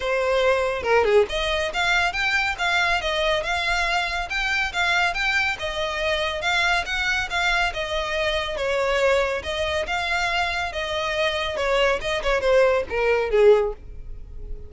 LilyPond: \new Staff \with { instrumentName = "violin" } { \time 4/4 \tempo 4 = 140 c''2 ais'8 gis'8 dis''4 | f''4 g''4 f''4 dis''4 | f''2 g''4 f''4 | g''4 dis''2 f''4 |
fis''4 f''4 dis''2 | cis''2 dis''4 f''4~ | f''4 dis''2 cis''4 | dis''8 cis''8 c''4 ais'4 gis'4 | }